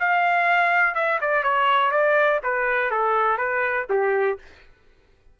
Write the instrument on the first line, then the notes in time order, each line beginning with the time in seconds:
trumpet
0.00 F5
0.95 E5
1.21 D5
1.44 C#5
1.92 D5
2.44 B4
2.91 A4
3.38 B4
3.90 G4